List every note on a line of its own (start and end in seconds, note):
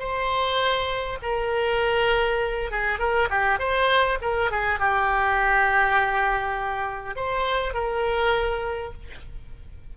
0.00 1.19 C5
1.23 2.71 A#4
2.71 2.99 G#4
2.99 3.29 A#4
3.30 3.59 G4
3.59 4.19 C5
4.22 4.51 A#4
4.52 4.80 G#4
4.80 7.16 G4
7.16 7.74 C5
7.74 8.93 A#4